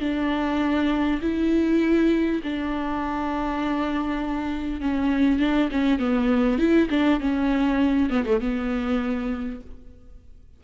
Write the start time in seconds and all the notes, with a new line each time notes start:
0.00 D4
1.21 E4
2.43 D4
4.81 C#4
5.39 D4
5.71 C#4
5.99 B3
6.58 E4
6.90 D4
7.20 C#4
8.10 B3
8.26 A3
8.40 B3